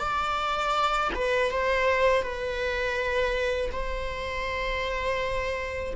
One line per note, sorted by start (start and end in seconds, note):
0.00 1.11 D5
1.15 1.52 B4
1.52 2.23 C5
2.23 3.71 B4
3.72 5.95 C5